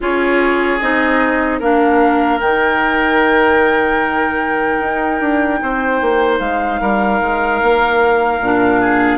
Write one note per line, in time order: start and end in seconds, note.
0.00 0.81 C#4
0.00 0.80 F4
0.00 1.59 G#4
0.00 0.79 C#5
0.79 1.60 C4
0.79 1.61 D#4
0.79 1.59 D#5
1.59 2.40 A#3
1.59 2.40 D4
1.59 5.59 A#4
1.59 2.40 F5
2.40 4.80 D#3
2.40 8.40 D#4
2.40 6.39 G5
4.80 5.20 D#4
5.20 5.60 D4
5.62 6.01 C4
5.62 6.81 C5
6.01 6.39 A#3
6.39 6.79 G#3
6.39 9.18 F5
6.80 7.20 G3
6.80 8.80 A#4
7.21 7.61 G#3
7.62 8.40 A#3
8.40 9.18 A#2
8.40 9.18 D4
8.80 9.18 G#4